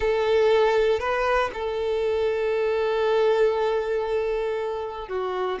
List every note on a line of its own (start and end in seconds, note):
0.00 0.99 A4
0.99 1.50 B4
1.53 5.07 A4
5.07 5.58 F#4